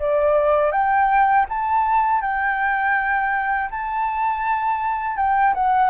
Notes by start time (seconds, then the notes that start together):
0.00 D5
0.72 G5
1.49 A5
2.22 G5
3.71 A5
5.17 G5
5.55 F#5